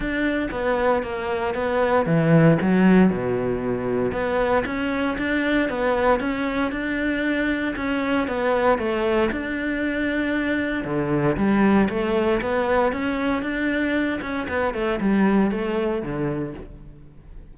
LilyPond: \new Staff \with { instrumentName = "cello" } { \time 4/4 \tempo 4 = 116 d'4 b4 ais4 b4 | e4 fis4 b,2 | b4 cis'4 d'4 b4 | cis'4 d'2 cis'4 |
b4 a4 d'2~ | d'4 d4 g4 a4 | b4 cis'4 d'4. cis'8 | b8 a8 g4 a4 d4 | }